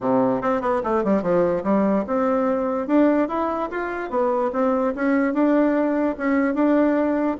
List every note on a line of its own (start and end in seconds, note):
0.00 0.41 C3
0.41 0.61 C4
0.61 0.81 B3
0.83 1.03 A3
1.03 1.22 G3
1.22 1.63 F3
1.63 2.04 G3
2.07 2.87 C4
2.87 3.28 D4
3.28 3.69 E4
3.70 4.10 F4
4.10 4.51 B3
4.52 4.94 C4
4.95 5.33 C#4
5.33 6.16 D4
6.17 6.54 C#4
6.54 7.36 D4